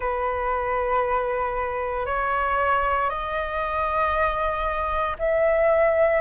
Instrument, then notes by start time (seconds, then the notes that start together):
flute
0.00 B4
2.05 C#5
3.09 D#5
5.19 E5